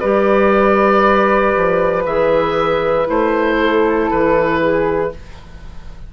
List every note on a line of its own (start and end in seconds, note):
0.00 1.56 G3
0.00 2.06 G4
0.00 3.56 B4
0.00 2.03 D5
1.56 2.06 F3
2.06 3.08 E3
2.06 3.06 G#4
2.06 3.08 E5
3.06 4.11 A3
3.06 5.10 E4
3.06 4.11 C5
3.60 4.61 A4
4.11 5.14 E3
4.11 5.12 B4
4.61 5.12 G#4